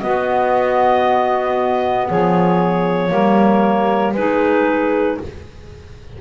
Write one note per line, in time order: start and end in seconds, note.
0.00 3.10 B3
0.00 2.09 B3
0.00 2.08 F#4
0.00 2.07 D#5
2.08 3.12 F3
2.08 3.11 G#4
2.08 4.14 C#5
3.10 4.14 G3
3.10 4.14 A#3
3.10 4.14 A#4
4.14 5.18 G#3
4.14 5.21 D#4
4.14 5.18 G#4
4.14 5.18 B4